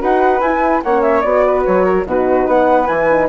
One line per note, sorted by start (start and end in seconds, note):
0.00 0.41 D#4
0.00 0.41 F#4
0.00 0.83 B4
0.00 0.41 F#5
0.41 0.82 E4
0.41 0.85 E4
0.41 0.82 G#5
0.83 1.24 A#3
0.83 1.24 C#4
0.83 1.46 C#5
0.83 1.02 F#5
1.02 1.21 E5
1.21 1.65 B3
1.21 2.07 F#4
1.21 1.62 D5
1.46 1.85 B4
1.65 2.06 F#3
1.65 2.06 C#5
1.85 2.05 A#4
2.06 2.47 B2
2.06 2.87 D#4
2.06 2.47 F#4
2.06 2.49 B4
2.47 2.89 B3
2.47 3.29 B4
2.47 2.87 F#5
2.87 3.29 E3
2.87 3.08 E4
2.87 3.28 G#5
3.10 3.29 D#4